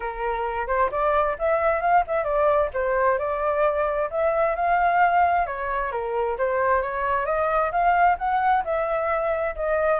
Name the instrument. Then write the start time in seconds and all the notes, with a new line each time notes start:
flute
0.00 A#4
0.67 C5
0.91 D5
1.38 E5
1.81 F5
2.07 E5
2.24 D5
2.73 C5
3.18 D5
4.10 E5
4.55 F5
5.46 C#5
5.91 A#4
6.38 C5
6.82 C#5
7.25 D#5
7.71 F5
8.18 F#5
8.64 E5
9.55 D#5